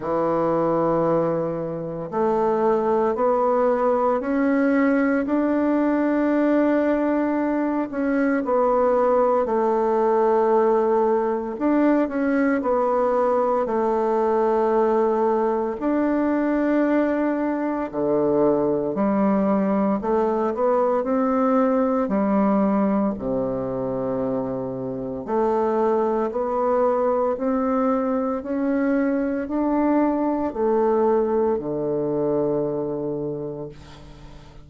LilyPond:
\new Staff \with { instrumentName = "bassoon" } { \time 4/4 \tempo 4 = 57 e2 a4 b4 | cis'4 d'2~ d'8 cis'8 | b4 a2 d'8 cis'8 | b4 a2 d'4~ |
d'4 d4 g4 a8 b8 | c'4 g4 c2 | a4 b4 c'4 cis'4 | d'4 a4 d2 | }